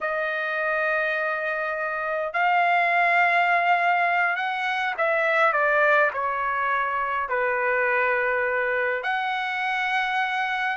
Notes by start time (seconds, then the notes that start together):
0.00 D#5
2.33 F5
4.36 F#5
4.97 E5
5.52 D5
6.13 C#5
7.28 B4
9.03 F#5